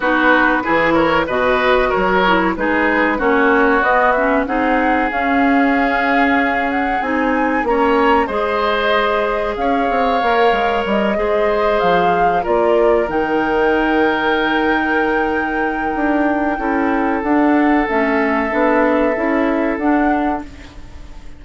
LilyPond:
<<
  \new Staff \with { instrumentName = "flute" } { \time 4/4 \tempo 4 = 94 b'4. cis''8 dis''4 cis''4 | b'4 cis''4 dis''8 e''8 fis''4 | f''2~ f''8 fis''8 gis''4 | ais''4 dis''2 f''4~ |
f''4 dis''4. f''4 d''8~ | d''8 g''2.~ g''8~ | g''2. fis''4 | e''2. fis''4 | }
  \new Staff \with { instrumentName = "oboe" } { \time 4/4 fis'4 gis'8 ais'8 b'4 ais'4 | gis'4 fis'2 gis'4~ | gis'1 | cis''4 c''2 cis''4~ |
cis''4. c''2 ais'8~ | ais'1~ | ais'2 a'2~ | a'1 | }
  \new Staff \with { instrumentName = "clarinet" } { \time 4/4 dis'4 e'4 fis'4. e'8 | dis'4 cis'4 b8 cis'8 dis'4 | cis'2. dis'4 | cis'4 gis'2. |
ais'4. gis'2 f'8~ | f'8 dis'2.~ dis'8~ | dis'2 e'4 d'4 | cis'4 d'4 e'4 d'4 | }
  \new Staff \with { instrumentName = "bassoon" } { \time 4/4 b4 e4 b,4 fis4 | gis4 ais4 b4 c'4 | cis'2. c'4 | ais4 gis2 cis'8 c'8 |
ais8 gis8 g8 gis4 f4 ais8~ | ais8 dis2.~ dis8~ | dis4 d'4 cis'4 d'4 | a4 b4 cis'4 d'4 | }
>>